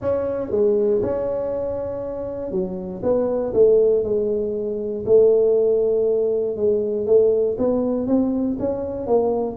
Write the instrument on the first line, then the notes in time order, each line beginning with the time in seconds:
tuba
0.01 C#4
0.50 G#3
1.02 C#4
2.51 F#3
3.02 B3
3.53 A3
4.03 G#3
5.05 A3
6.56 G#3
7.06 A3
7.57 B3
8.06 C4
8.59 C#4
9.06 A#3